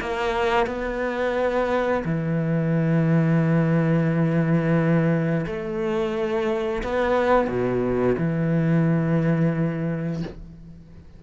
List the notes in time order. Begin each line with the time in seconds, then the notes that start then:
0.00 A#3
0.66 B3
2.05 E3
5.46 A3
6.83 B3
7.48 B2
8.18 E3